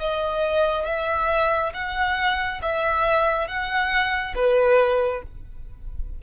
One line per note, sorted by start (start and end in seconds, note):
0.00 0.86 D#5
0.86 1.73 E5
1.74 2.61 F#5
2.62 3.48 E5
3.48 4.35 F#5
4.36 5.23 B4